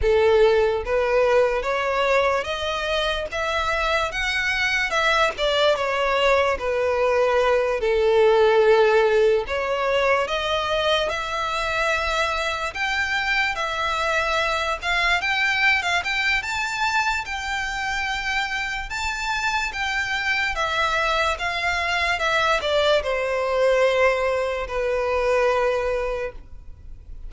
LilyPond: \new Staff \with { instrumentName = "violin" } { \time 4/4 \tempo 4 = 73 a'4 b'4 cis''4 dis''4 | e''4 fis''4 e''8 d''8 cis''4 | b'4. a'2 cis''8~ | cis''8 dis''4 e''2 g''8~ |
g''8 e''4. f''8 g''8. f''16 g''8 | a''4 g''2 a''4 | g''4 e''4 f''4 e''8 d''8 | c''2 b'2 | }